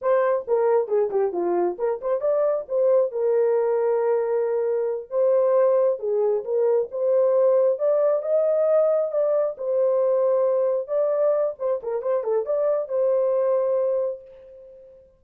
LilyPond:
\new Staff \with { instrumentName = "horn" } { \time 4/4 \tempo 4 = 135 c''4 ais'4 gis'8 g'8 f'4 | ais'8 c''8 d''4 c''4 ais'4~ | ais'2.~ ais'8 c''8~ | c''4. gis'4 ais'4 c''8~ |
c''4. d''4 dis''4.~ | dis''8 d''4 c''2~ c''8~ | c''8 d''4. c''8 ais'8 c''8 a'8 | d''4 c''2. | }